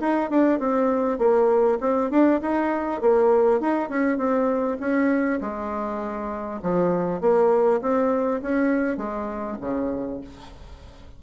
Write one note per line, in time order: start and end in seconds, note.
0.00 0.30 D#4
0.30 0.59 D4
0.59 1.18 C4
1.18 1.78 A#3
1.80 2.10 C4
2.10 2.40 D4
2.41 3.01 D#4
3.01 3.60 A#3
3.60 3.89 D#4
3.89 4.18 C#4
4.18 4.78 C4
4.80 5.40 C#4
5.41 6.61 G#3
6.62 7.21 F3
7.21 7.81 A#3
7.81 8.41 C4
8.42 8.97 C#4
8.97 9.57 G#3
9.61 10.21 C#3